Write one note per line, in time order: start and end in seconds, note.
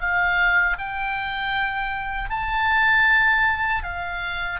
0.00 0.77 F5
0.78 2.30 G5
2.30 3.84 A5
3.84 4.60 F5